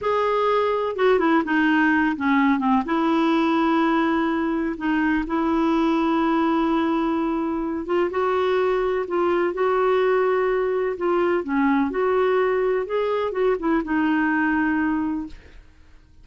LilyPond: \new Staff \with { instrumentName = "clarinet" } { \time 4/4 \tempo 4 = 126 gis'2 fis'8 e'8 dis'4~ | dis'8 cis'4 c'8 e'2~ | e'2 dis'4 e'4~ | e'1~ |
e'8 f'8 fis'2 f'4 | fis'2. f'4 | cis'4 fis'2 gis'4 | fis'8 e'8 dis'2. | }